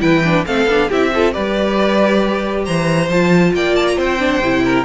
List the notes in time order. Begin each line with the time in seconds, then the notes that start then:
0.00 E3 E4 B4 G5
0.24 D4
0.46 A3 C4 A4 F5
0.66 B3 D4
0.89 C4 E4 G4 E5
1.14 F4 A4
1.32 G3 G4 B4 D5
2.65 E3 C5 A#5
3.08 F3 F4 A5
3.53 A#3 D5 G5
3.75 A5
3.87 A#5
3.96 C4 C5 G5
4.19 D4
4.40 C3 E4
4.65 A#4